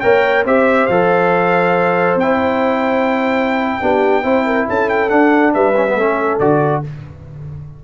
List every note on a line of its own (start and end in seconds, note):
0.00 0.45 A#3
0.00 0.45 A#4
0.00 0.45 C#5
0.00 0.43 G5
0.45 0.88 C4
0.45 0.89 G4
0.45 3.79 C5
0.45 0.86 E5
0.86 2.15 F3
0.86 2.19 A4
0.86 2.16 F5
2.15 3.77 C4
2.15 4.68 G5
2.22 3.80 E4
3.80 4.24 B3
3.80 4.23 D4
3.80 4.23 G4
4.23 4.67 C4
4.23 5.09 E4
4.23 4.45 C5
4.45 4.67 A#4
4.68 5.11 C#4
4.68 5.54 A4
4.68 4.89 A5
4.89 5.09 G5
5.09 5.74 D4
5.09 5.54 D4
5.09 5.52 F#5
5.54 5.95 G3
5.54 5.96 B4
5.54 6.39 E5
5.76 5.87 C#4
5.87 5.98 B3
5.95 6.38 A3
5.95 6.40 C#4
5.95 6.82 A4
6.39 6.82 D3
6.39 6.84 F#4
6.39 6.82 D5